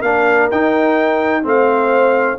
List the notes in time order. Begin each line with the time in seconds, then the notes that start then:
0.00 A#3 D4 A#4 F5
0.51 D#4 G5
1.43 A3 C4 C5 F5